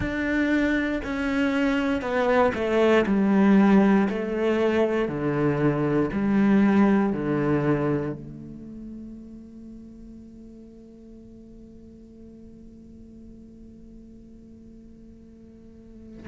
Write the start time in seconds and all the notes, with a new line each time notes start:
0.00 D4
1.04 C#4
2.01 B3
2.54 A3
3.06 G3
4.09 A3
5.08 D3
6.12 G3
7.12 D3
8.13 A3